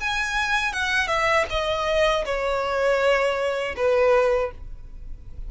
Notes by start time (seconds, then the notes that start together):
0.00 G#5
0.73 F#5
1.08 E5
1.50 D#5
2.25 C#5
3.76 B4